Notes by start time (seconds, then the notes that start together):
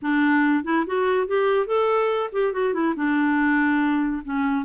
0.01 D4
0.64 E4
0.86 F#4
1.27 G4
1.66 A4
2.32 G4
2.52 F#4
2.73 E4
2.95 D4
4.24 C#4